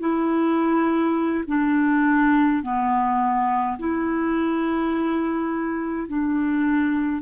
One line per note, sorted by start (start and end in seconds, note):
0.00 1.44 E4
1.47 2.63 D4
2.63 3.78 B3
3.79 6.08 E4
6.08 7.23 D4